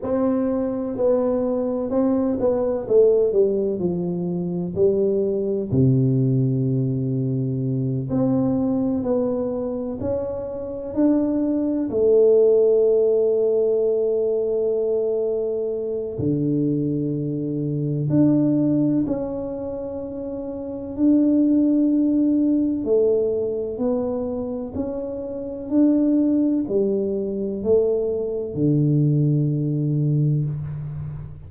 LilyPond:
\new Staff \with { instrumentName = "tuba" } { \time 4/4 \tempo 4 = 63 c'4 b4 c'8 b8 a8 g8 | f4 g4 c2~ | c8 c'4 b4 cis'4 d'8~ | d'8 a2.~ a8~ |
a4 d2 d'4 | cis'2 d'2 | a4 b4 cis'4 d'4 | g4 a4 d2 | }